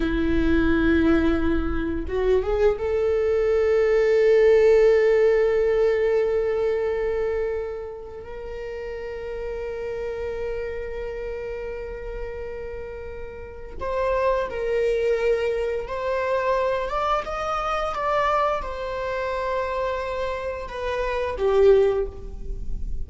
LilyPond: \new Staff \with { instrumentName = "viola" } { \time 4/4 \tempo 4 = 87 e'2. fis'8 gis'8 | a'1~ | a'1 | ais'1~ |
ais'1 | c''4 ais'2 c''4~ | c''8 d''8 dis''4 d''4 c''4~ | c''2 b'4 g'4 | }